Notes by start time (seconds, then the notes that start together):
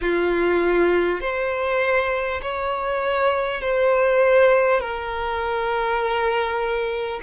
0.01 F4
1.20 C5
2.42 C#5
3.61 C5
4.80 A#4